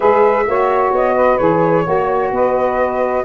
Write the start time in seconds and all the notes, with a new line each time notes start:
0.00 G#3 G#4 B4 E5
0.47 A#3 F#4 C#5
0.91 B3 D#5
1.15 B4
1.37 E3 G#4 C#5
1.84 A#3 F#4 C#5
2.31 B3 B4 D#5